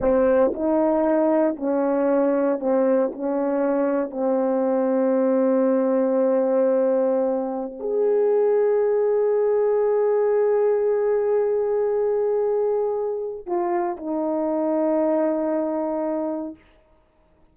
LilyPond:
\new Staff \with { instrumentName = "horn" } { \time 4/4 \tempo 4 = 116 c'4 dis'2 cis'4~ | cis'4 c'4 cis'2 | c'1~ | c'2. gis'4~ |
gis'1~ | gis'1~ | gis'2 f'4 dis'4~ | dis'1 | }